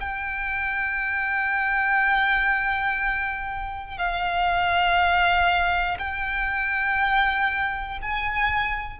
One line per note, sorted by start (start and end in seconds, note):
0.00 3.98 G5
3.98 5.98 F5
5.99 7.99 G5
8.02 9.00 G#5